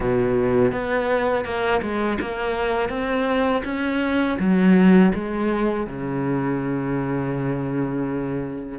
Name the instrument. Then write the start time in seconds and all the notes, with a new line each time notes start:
cello
0.00 B2
0.72 B3
1.44 A#3
1.81 G#3
2.21 A#3
2.89 C4
3.64 C#4
4.39 F#3
5.14 G#3
5.86 C#3